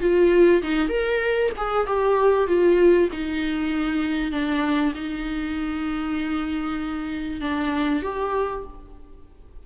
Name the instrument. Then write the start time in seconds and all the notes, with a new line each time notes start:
viola
0.00 F4
0.62 D#4
0.88 A#4
1.57 G#4
1.86 G4
2.47 F4
3.12 D#4
4.31 D4
4.94 D#4
7.40 D4
8.02 G4